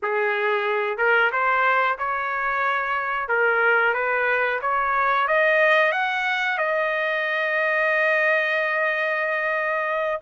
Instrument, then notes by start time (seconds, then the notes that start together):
trumpet
0.02 G#4
0.97 A#4
1.32 C5
1.98 C#5
3.28 A#4
3.94 B4
4.61 C#5
5.27 D#5
5.92 F#5
6.58 D#5